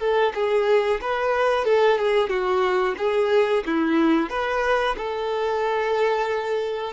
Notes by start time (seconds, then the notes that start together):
0.00 A4
0.34 G#4
1.01 B4
1.65 A4
1.98 G#4
2.29 F#4
2.98 G#4
3.66 E4
4.30 B4
4.97 A4